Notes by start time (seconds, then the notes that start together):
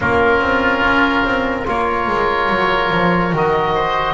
0.00 A#3 C#4 F4 A#4
0.40 C4
0.82 C#4
1.24 C4
1.65 A#3 F4 A#4 C#5
2.07 G#3
2.49 F#3
2.91 F3
3.32 D#3 F#4 D#5
3.74 C5